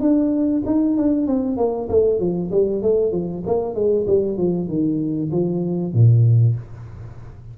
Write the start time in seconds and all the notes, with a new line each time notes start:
0.00 D4
0.66 D#4
0.97 D4
1.27 C4
1.57 A#3
1.89 A3
2.19 F3
2.51 G3
2.82 A3
3.12 F3
3.46 A#3
3.74 G#3
4.07 G3
4.37 F3
4.68 D#3
5.32 F3
5.93 A#2